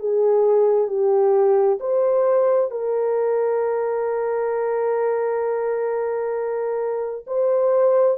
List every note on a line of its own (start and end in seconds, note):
0.00 0.88 G#4
0.88 1.79 G4
1.80 2.71 C5
2.71 7.26 A#4
7.27 8.18 C5